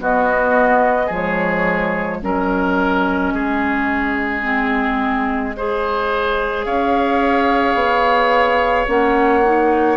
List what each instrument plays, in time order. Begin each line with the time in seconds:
0.00 bassoon B3, clarinet B3, oboe F#4, flute D#5
1.06 bassoon F3, clarinet G#3, oboe G#4
1.14 flute C#5
2.22 bassoon F#3, clarinet C#4, oboe A#4, flute D#5
3.33 bassoon G#3, oboe G#4
4.43 clarinet C4
5.57 clarinet G#4, oboe C5
6.65 bassoon C#4, oboe C#5, flute F5
7.75 bassoon B3
8.88 bassoon A#3, clarinet C#4, flute F#5
9.44 clarinet D#4